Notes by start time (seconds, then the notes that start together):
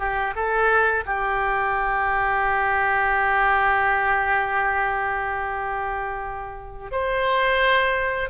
0.00 G4
0.36 A4
1.06 G4
6.92 C5